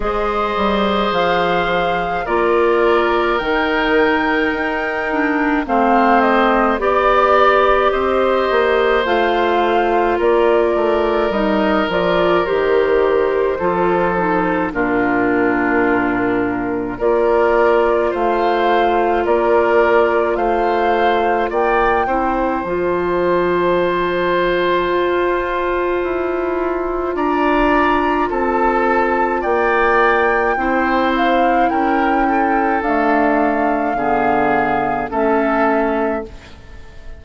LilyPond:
<<
  \new Staff \with { instrumentName = "flute" } { \time 4/4 \tempo 4 = 53 dis''4 f''4 d''4 g''4~ | g''4 f''8 dis''8 d''4 dis''4 | f''4 d''4 dis''8 d''8 c''4~ | c''4 ais'2 d''4 |
f''4 d''4 f''4 g''4 | a''1 | ais''4 a''4 g''4. f''8 | g''4 f''2 e''4 | }
  \new Staff \with { instrumentName = "oboe" } { \time 4/4 c''2 ais'2~ | ais'4 c''4 d''4 c''4~ | c''4 ais'2. | a'4 f'2 ais'4 |
c''4 ais'4 c''4 d''8 c''8~ | c''1 | d''4 a'4 d''4 c''4 | ais'8 a'4. gis'4 a'4 | }
  \new Staff \with { instrumentName = "clarinet" } { \time 4/4 gis'2 f'4 dis'4~ | dis'8 d'8 c'4 g'2 | f'2 dis'8 f'8 g'4 | f'8 dis'8 d'2 f'4~ |
f'2.~ f'8 e'8 | f'1~ | f'2. e'4~ | e'4 a4 b4 cis'4 | }
  \new Staff \with { instrumentName = "bassoon" } { \time 4/4 gis8 g8 f4 ais4 dis4 | dis'4 a4 b4 c'8 ais8 | a4 ais8 a8 g8 f8 dis4 | f4 ais,2 ais4 |
a4 ais4 a4 ais8 c'8 | f2 f'4 e'4 | d'4 c'4 ais4 c'4 | cis'4 d'4 d4 a4 | }
>>